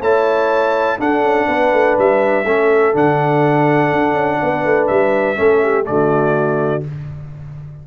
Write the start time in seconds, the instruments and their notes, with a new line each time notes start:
0.00 tuba A3, trombone E4, horn C#5, trumpet A5
0.98 trombone D4, tuba D4, horn A4, trumpet F#5
1.22 tuba C#4
1.47 tuba B3, horn B4
1.72 tuba A3
1.98 tuba G3, trumpet E5
2.44 tuba A3, trombone C#4, horn A4
2.93 tuba D3, trombone D4, trumpet F#5
3.92 tuba D4
4.13 tuba C#4
4.41 tuba B3, horn B4
4.64 tuba A3
4.87 tuba G3, trumpet E5
5.35 tuba A3, trombone C#4, horn A4
5.63 horn G4
5.83 tuba D3, trombone A3, horn F#4, trumpet D5